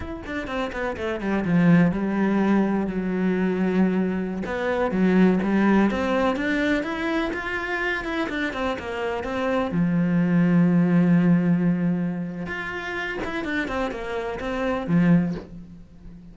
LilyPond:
\new Staff \with { instrumentName = "cello" } { \time 4/4 \tempo 4 = 125 e'8 d'8 c'8 b8 a8 g8 f4 | g2 fis2~ | fis4~ fis16 b4 fis4 g8.~ | g16 c'4 d'4 e'4 f'8.~ |
f'8. e'8 d'8 c'8 ais4 c'8.~ | c'16 f2.~ f8.~ | f2 f'4. e'8 | d'8 c'8 ais4 c'4 f4 | }